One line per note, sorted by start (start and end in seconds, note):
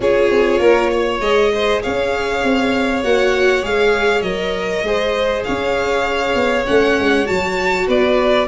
0.00 0.30 C#4
0.00 1.21 F4
0.00 0.60 G#4
0.00 1.21 C#5
0.30 0.59 C4
0.59 1.19 A#3
0.59 0.90 A#4
0.91 1.51 C#5
1.19 1.80 G#3
1.19 3.03 G#4
1.19 1.82 D#5
1.54 1.82 C5
1.82 2.43 C#4
1.82 4.85 C#5
1.82 3.03 F5
2.43 3.03 C4
3.03 3.63 A#3
3.03 3.62 F#4
3.03 3.64 F#5
3.62 4.22 G#3
3.62 4.23 G#4
3.62 4.21 F5
4.21 4.82 F#3
4.21 4.84 A#4
4.21 5.43 D#5
4.82 5.43 G#3
4.82 6.66 G#4
4.82 5.46 C5
5.43 6.35 C#4
5.43 7.87 C#5
5.43 6.65 F5
6.35 6.65 B3
6.66 6.99 A3
6.66 7.25 C#4
6.66 7.26 F#5
6.99 7.29 G#3
7.25 7.88 F#3
7.25 8.47 F#4
7.25 7.87 A5
7.87 8.48 B3
7.87 8.47 B4
7.87 8.48 D5